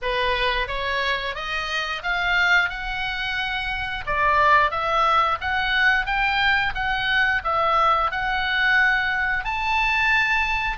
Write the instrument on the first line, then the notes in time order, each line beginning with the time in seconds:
oboe
0.02 B4
0.67 C#5
1.35 D#5
2.02 F5
2.69 F#5
4.06 D5
4.70 E5
5.40 F#5
6.06 G5
6.74 F#5
7.44 E5
8.11 F#5
9.44 A5